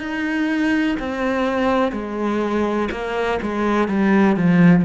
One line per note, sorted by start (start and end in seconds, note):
0.00 0.97 D#4
0.99 1.92 C4
1.92 2.89 G#3
2.92 3.40 A#3
3.42 3.88 G#3
3.88 4.37 G3
4.37 4.85 F3